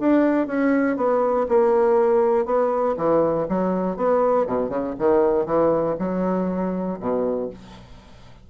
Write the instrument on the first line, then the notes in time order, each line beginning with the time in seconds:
bassoon
0.00 D4
0.47 C#4
0.97 B3
1.49 A#3
2.45 B3
2.97 E3
3.49 F#3
3.97 B3
4.47 B2
4.69 C#3
4.99 D#3
5.46 E3
5.99 F#3
7.00 B2